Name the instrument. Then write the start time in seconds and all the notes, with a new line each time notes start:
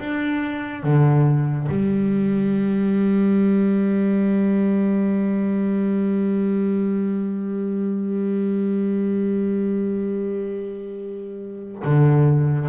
double bass
0.00 D4
0.83 D3
1.69 G3
11.84 D3